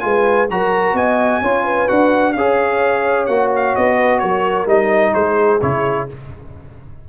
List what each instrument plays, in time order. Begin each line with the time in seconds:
0.00 tuba G#3, trombone F4, horn B4, trumpet G#5
0.50 tuba F#3, trombone F#4, horn A#4, trumpet A#5
0.94 tuba B3, horn D#5, trumpet G#5
1.42 tuba C#4, trombone F4, horn C#5
1.65 horn B4
1.88 tuba D4, trombone F#4, trumpet F#5
2.33 tuba C#4, trombone G#4, horn C#5, trumpet F5
3.27 tuba A#3, trombone F#4, trumpet F#5
3.56 trumpet F5
3.75 tuba B3, trumpet D#5
3.97 horn B4
4.19 tuba F#3, horn A#4, trumpet C#5
4.66 tuba G3, trombone D#4, trumpet D#5
5.13 tuba G#3, horn G#4, trumpet C5
5.62 tuba C#3, trombone E4, trumpet C#5